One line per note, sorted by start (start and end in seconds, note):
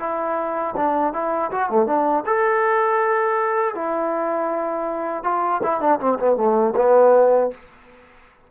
0.00 0.75 E4
0.77 1.14 D4
1.14 1.51 E4
1.52 1.70 F#4
1.70 1.86 A3
1.86 2.24 D4
2.26 3.75 A4
3.75 5.24 E4
5.24 5.61 F4
5.64 5.81 E4
5.81 6.00 D4
6.00 6.18 C4
6.19 6.37 B3
6.37 6.74 A3
6.76 7.51 B3